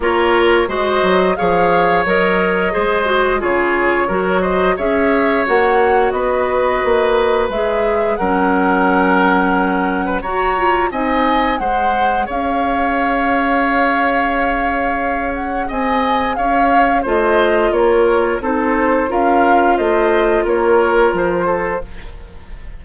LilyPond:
<<
  \new Staff \with { instrumentName = "flute" } { \time 4/4 \tempo 4 = 88 cis''4 dis''4 f''4 dis''4~ | dis''4 cis''4. dis''8 e''4 | fis''4 dis''2 e''4 | fis''2. ais''4 |
gis''4 fis''4 f''2~ | f''2~ f''8 fis''8 gis''4 | f''4 dis''4 cis''4 c''4 | f''4 dis''4 cis''4 c''4 | }
  \new Staff \with { instrumentName = "oboe" } { \time 4/4 ais'4 c''4 cis''2 | c''4 gis'4 ais'8 c''8 cis''4~ | cis''4 b'2. | ais'2~ ais'8. b'16 cis''4 |
dis''4 c''4 cis''2~ | cis''2. dis''4 | cis''4 c''4 ais'4 a'4 | ais'4 c''4 ais'4. a'8 | }
  \new Staff \with { instrumentName = "clarinet" } { \time 4/4 f'4 fis'4 gis'4 ais'4 | gis'8 fis'8 f'4 fis'4 gis'4 | fis'2. gis'4 | cis'2. fis'8 f'8 |
dis'4 gis'2.~ | gis'1~ | gis'4 f'2 dis'4 | f'1 | }
  \new Staff \with { instrumentName = "bassoon" } { \time 4/4 ais4 gis8 fis8 f4 fis4 | gis4 cis4 fis4 cis'4 | ais4 b4 ais4 gis4 | fis2. fis'4 |
c'4 gis4 cis'2~ | cis'2. c'4 | cis'4 a4 ais4 c'4 | cis'4 a4 ais4 f4 | }
>>